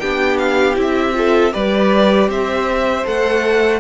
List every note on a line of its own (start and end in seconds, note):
0.00 0.77 B3
0.00 0.76 D4
0.00 1.15 G4
0.00 0.38 G5
0.38 0.76 F5
0.76 1.53 C4
0.76 1.14 E4
0.82 1.54 E5
1.14 1.52 F4
1.14 1.54 A4
1.52 2.28 G3
1.52 3.04 G4
1.52 2.30 B4
1.52 2.30 D5
2.28 3.04 C4
2.28 3.80 C5
2.28 3.07 E5
3.05 3.80 A3
3.05 3.80 A4
3.05 3.80 F#5